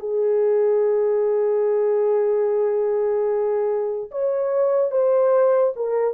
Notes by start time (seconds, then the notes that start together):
0.00 G#4
4.12 C#5
4.92 C5
5.76 A#4